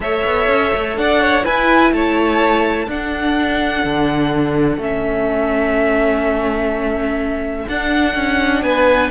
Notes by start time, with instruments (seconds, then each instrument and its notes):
0.00 cello A3, viola A4, violin C#5 E5
0.24 cello B3
0.48 cello C#4
0.73 cello A3
0.97 cello D4, violin D5 F#5
1.21 violin C#5
1.44 viola E4, cello E4, violin B4 G#5
1.92 cello A3, violin C#5 A5
2.87 cello D4, viola D4, violin A4 F#5
3.83 cello D3
4.77 cello A3, viola C#4, violin E5
7.68 cello D4, viola D4, violin F#5
8.14 cello C#4
8.62 cello B3, violin B4 G#5